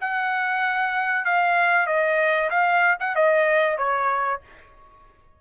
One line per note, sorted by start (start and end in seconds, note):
0.00 1.25 F#5
1.25 1.86 F5
1.86 2.49 D#5
2.50 2.97 F5
2.99 3.15 F#5
3.15 3.78 D#5
3.78 4.41 C#5